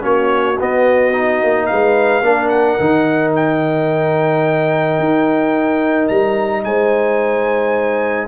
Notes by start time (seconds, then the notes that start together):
0.00 A#3 C#4 F#4 C#5
0.59 B3 D#5
1.12 D#4
1.42 A#3
1.66 G#3 B4 F5
2.21 A#3 D4 A#4
2.49 F#5
2.79 D#3 D#4
3.35 G5
4.99 D#4
6.08 G3 A#5
6.64 G#3 C5 G#5